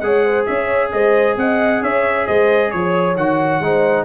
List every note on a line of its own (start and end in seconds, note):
0.00 0.46 G#3
0.00 3.17 G#4
0.00 0.25 C#5
0.00 0.45 F#5
0.25 0.48 C5
0.46 0.93 C#4
0.46 0.93 C#5
0.46 0.91 E5
0.93 1.37 G#3
0.93 1.39 C5
0.93 1.37 D#5
1.37 1.82 C4
1.37 1.82 D#5
1.37 1.83 F#5
1.82 2.27 C#4
1.82 2.27 C#5
1.82 2.27 E5
2.27 2.74 G#3
2.27 2.72 C5
2.27 2.71 D#5
2.71 3.17 F3
2.71 3.16 C#5
2.71 3.64 C#5
3.17 3.61 D#3
3.17 3.63 F#4
3.17 4.05 F#5
3.61 4.05 G#3
3.61 4.05 D#4
3.61 4.05 C5